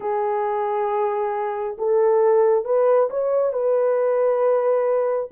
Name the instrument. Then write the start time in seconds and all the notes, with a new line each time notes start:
horn
0.00 G#4
1.78 A4
2.65 B4
3.10 C#5
3.53 B4